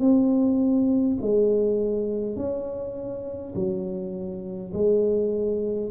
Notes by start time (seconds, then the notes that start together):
0.00 C4
1.21 G#3
2.36 C#4
3.55 F#3
4.73 G#3